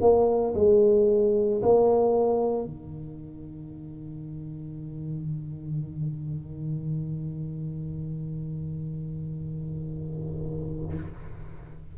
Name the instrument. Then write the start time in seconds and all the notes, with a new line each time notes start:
tuba
0.00 A#3
0.55 G#3
1.62 A#3
2.64 D#3